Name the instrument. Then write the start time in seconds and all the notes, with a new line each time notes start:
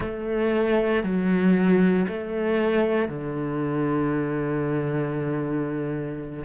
cello
0.00 A3
1.03 F#3
2.08 A3
3.08 D3